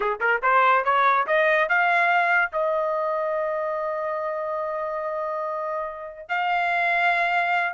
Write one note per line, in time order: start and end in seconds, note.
0.00 0.18 G#4
0.20 0.41 A#4
0.42 0.84 C5
0.84 1.26 C#5
1.26 1.68 D#5
1.68 2.52 F5
2.52 6.28 D#5
6.28 7.73 F5